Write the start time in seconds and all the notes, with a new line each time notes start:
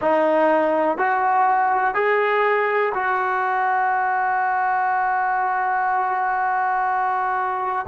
0.01 D#4
0.97 F#4
1.94 G#4
2.94 F#4